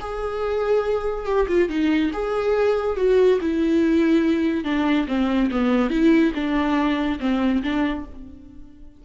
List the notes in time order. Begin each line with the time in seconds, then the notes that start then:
0.00 G#4
1.25 G4
1.48 F4
1.69 D#4
2.13 G#4
2.96 F#4
3.41 E4
4.64 D4
5.07 C4
5.51 B3
5.90 E4
6.34 D4
7.20 C4
7.62 D4